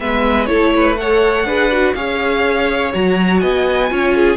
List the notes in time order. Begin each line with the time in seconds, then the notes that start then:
0.00 G#3 B3 B4 E5
0.46 A3 E4 A4 C#5
0.76 B4
0.97 A4 C#5 F#5
1.45 D4 G#4 B4
1.71 F#4
1.95 C#4 G#4 C#5 F5
2.93 F#3 F#4 A#5
3.39 B3 D#5 G#5
3.90 C#4 F4 C#5
4.16 G#4